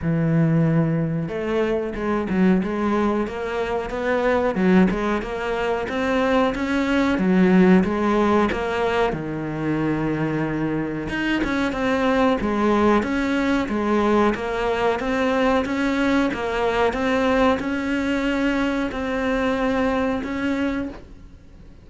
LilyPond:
\new Staff \with { instrumentName = "cello" } { \time 4/4 \tempo 4 = 92 e2 a4 gis8 fis8 | gis4 ais4 b4 fis8 gis8 | ais4 c'4 cis'4 fis4 | gis4 ais4 dis2~ |
dis4 dis'8 cis'8 c'4 gis4 | cis'4 gis4 ais4 c'4 | cis'4 ais4 c'4 cis'4~ | cis'4 c'2 cis'4 | }